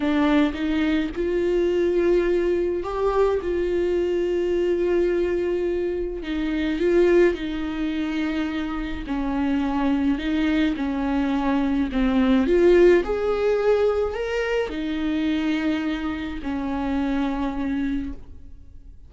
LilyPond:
\new Staff \with { instrumentName = "viola" } { \time 4/4 \tempo 4 = 106 d'4 dis'4 f'2~ | f'4 g'4 f'2~ | f'2. dis'4 | f'4 dis'2. |
cis'2 dis'4 cis'4~ | cis'4 c'4 f'4 gis'4~ | gis'4 ais'4 dis'2~ | dis'4 cis'2. | }